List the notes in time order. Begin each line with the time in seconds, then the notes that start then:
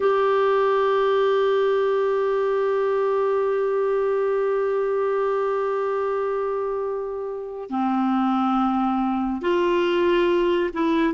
0.00 G4
7.69 C4
9.41 F4
10.73 E4